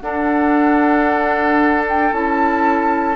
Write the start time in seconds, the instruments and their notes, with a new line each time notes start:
0.00 bassoon D4, clarinet D4, oboe A4, flute F#5
1.88 flute G5
2.12 bassoon C#4, clarinet E4, flute A5